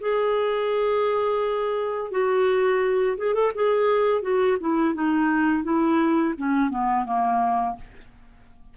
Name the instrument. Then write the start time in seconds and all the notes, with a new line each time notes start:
clarinet
0.00 G#4
2.10 F#4
3.17 G#4
3.34 A4
3.54 G#4
4.22 F#4
4.60 E4
4.93 D#4
5.63 E4
6.37 C#4
6.70 B3
7.05 A#3